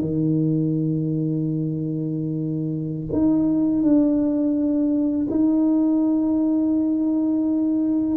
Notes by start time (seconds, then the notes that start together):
0.00 D#3
3.12 D#4
3.82 D4
5.30 D#4